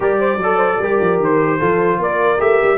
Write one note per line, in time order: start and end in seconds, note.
0.00 0.37 G3
0.00 0.39 G4
0.00 0.19 A#4
0.00 1.21 D5
0.19 0.39 C5
0.37 0.77 F#3
0.37 0.82 A4
0.37 0.57 D5
0.57 0.77 C5
0.78 0.98 G3
0.78 1.60 G4
0.78 1.59 A#4
1.00 1.19 F3
1.19 1.59 D#3
1.19 2.02 C5
1.59 1.98 F3
1.59 2.37 F4
1.59 1.99 A4
1.98 2.38 A#3
1.98 2.78 A#4
1.98 2.41 D5
2.37 2.59 A3
2.37 2.77 G4
2.37 2.78 E5
2.62 2.78 G3